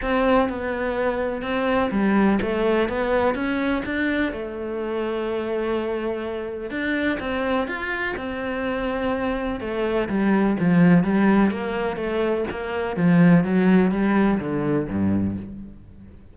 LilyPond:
\new Staff \with { instrumentName = "cello" } { \time 4/4 \tempo 4 = 125 c'4 b2 c'4 | g4 a4 b4 cis'4 | d'4 a2.~ | a2 d'4 c'4 |
f'4 c'2. | a4 g4 f4 g4 | ais4 a4 ais4 f4 | fis4 g4 d4 g,4 | }